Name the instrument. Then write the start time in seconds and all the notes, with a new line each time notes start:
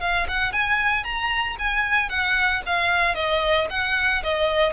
violin
0.00 F5
0.28 F#5
0.52 G#5
1.04 A#5
1.59 G#5
2.09 F#5
2.66 F5
3.14 D#5
3.70 F#5
4.23 D#5